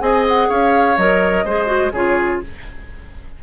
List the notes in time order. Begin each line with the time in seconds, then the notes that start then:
0.00 C4 G#4 D#5 G#5
0.28 F#5
0.48 C#4 C#5 F5
0.97 F#3 A#4 D#5
1.45 G#3 G#4 C5
1.66 F#4
1.92 C#3 F4 G#4 C#5